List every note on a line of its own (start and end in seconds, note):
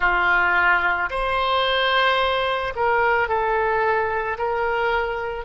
0.00 1.09 F4
1.10 2.73 C5
2.75 3.28 A#4
3.28 4.37 A4
4.38 5.44 A#4